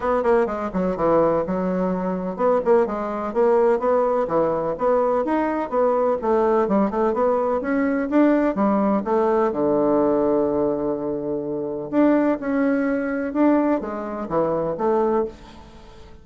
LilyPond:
\new Staff \with { instrumentName = "bassoon" } { \time 4/4 \tempo 4 = 126 b8 ais8 gis8 fis8 e4 fis4~ | fis4 b8 ais8 gis4 ais4 | b4 e4 b4 dis'4 | b4 a4 g8 a8 b4 |
cis'4 d'4 g4 a4 | d1~ | d4 d'4 cis'2 | d'4 gis4 e4 a4 | }